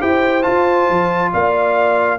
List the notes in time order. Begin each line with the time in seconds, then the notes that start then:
0.00 E4 G4 C5 G5
0.43 F4 A5
0.90 F3
1.33 A#3 D5 F5